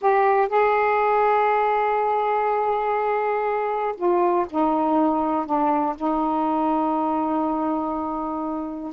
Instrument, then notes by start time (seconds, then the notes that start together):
saxophone
0.01 G4
0.48 G#4
3.96 F4
4.49 D#4
5.46 D4
5.95 D#4